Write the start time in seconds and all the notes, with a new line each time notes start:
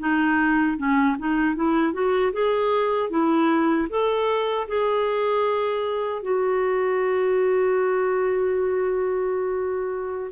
0.00 D#4
0.78 C#4
1.19 D#4
1.56 E4
1.94 F#4
2.33 G#4
3.10 E4
3.90 A4
4.69 G#4
6.23 F#4